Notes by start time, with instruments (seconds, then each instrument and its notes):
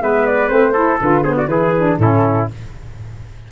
0.00 tuba G#3, saxophone B3, trumpet B4, flute E5
0.27 flute D5
0.49 tuba A3, saxophone C4, flute C5
0.73 saxophone E4, trumpet A4
1.01 tuba D3, saxophone F4, flute B4
1.23 saxophone B3, trumpet G#4, flute C5
1.37 trumpet F#4, flute D5
1.47 tuba E3, saxophone E4, trumpet G#4, flute B4
1.78 saxophone D4
1.99 tuba A2, saxophone C#4, trumpet E4, flute A4